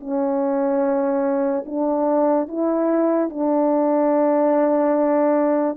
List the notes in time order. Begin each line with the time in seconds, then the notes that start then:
0.00 C#4
1.66 D4
2.48 E4
3.30 D4